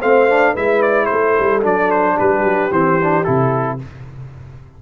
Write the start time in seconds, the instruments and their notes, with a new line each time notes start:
0.00 tuba A3, trombone C4, horn C5, trumpet F5
0.29 trombone D4
0.52 tuba G#3, trombone E4, horn B4, trumpet E5
0.82 trumpet D5
1.06 horn A4, trumpet C5
1.12 tuba A3
1.39 tuba G3
1.62 tuba F#3, trombone D4, trumpet D5
1.91 trumpet C5
2.15 tuba G3, horn G4, trumpet B4
2.43 tuba F#3
2.71 tuba E3, trombone C4, trumpet C5
3.01 trombone D4
3.24 tuba C3, trombone E4, trumpet A4